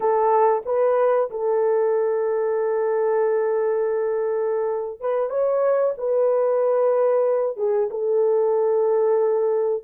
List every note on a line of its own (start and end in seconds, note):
0.00 0.62 A4
0.65 1.30 B4
1.30 5.00 A4
5.00 5.29 B4
5.29 5.94 C#5
5.97 7.57 B4
7.57 7.89 G#4
7.90 9.83 A4